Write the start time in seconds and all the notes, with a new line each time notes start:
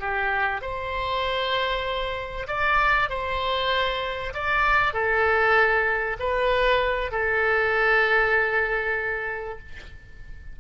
0.00 G4
0.62 C5
2.48 D5
3.10 C5
4.34 D5
4.94 A4
6.19 B4
7.12 A4